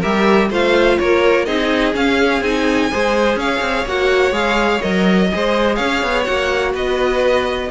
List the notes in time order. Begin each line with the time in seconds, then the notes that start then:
0.00 G3 G4 A#4 E5
0.51 A3 F4 C5 F5
0.98 A#3 A#4 C#5
1.45 C4 D#4 G#4 D#5
1.93 C#4 F5
2.41 C4 D#4 G#5
2.91 G#3 G#4 C5
3.36 C#4 C#5 F5
3.61 C4
3.86 A#3 F#4 F#5
4.31 G#3 G#4 F5
4.82 F#3 A#4 D#5
5.31 G#3 G#4 C5
5.75 C#4 C#5 F5
6.03 B3
6.24 A#3 F#4 F#5
6.72 B3 B4 D#5